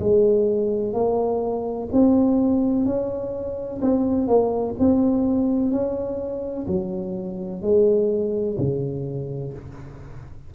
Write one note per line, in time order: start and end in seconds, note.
0.00 0.94 G#3
0.94 1.89 A#3
1.93 2.86 C4
2.86 3.81 C#4
3.82 4.28 C4
4.28 4.75 A#3
4.79 5.72 C4
5.72 6.67 C#4
6.67 7.62 F#3
7.62 8.57 G#3
8.58 9.53 C#3